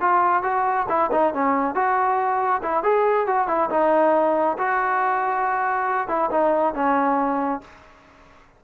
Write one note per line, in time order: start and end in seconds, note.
0.00 0.42 F4
0.42 0.86 F#4
0.88 1.10 E4
1.11 1.33 D#4
1.33 1.74 C#4
1.74 2.61 F#4
2.62 2.83 E4
2.83 3.26 G#4
3.26 3.47 F#4
3.47 3.69 E4
3.70 4.57 D#4
4.58 6.08 F#4
6.08 6.29 E4
6.31 6.74 D#4
6.74 7.61 C#4